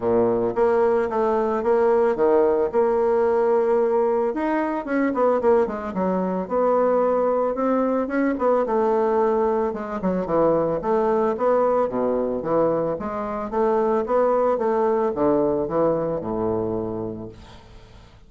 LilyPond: \new Staff \with { instrumentName = "bassoon" } { \time 4/4 \tempo 4 = 111 ais,4 ais4 a4 ais4 | dis4 ais2. | dis'4 cis'8 b8 ais8 gis8 fis4 | b2 c'4 cis'8 b8 |
a2 gis8 fis8 e4 | a4 b4 b,4 e4 | gis4 a4 b4 a4 | d4 e4 a,2 | }